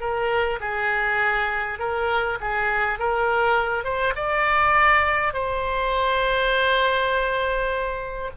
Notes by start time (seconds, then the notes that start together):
0.00 A#4
0.60 G#4
1.79 A#4
2.40 G#4
2.99 A#4
3.84 C5
4.15 D5
5.34 C5